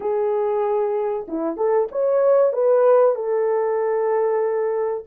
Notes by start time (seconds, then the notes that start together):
0.00 G#4
1.27 E4
1.56 A4
1.91 C#5
2.53 B4
3.15 A4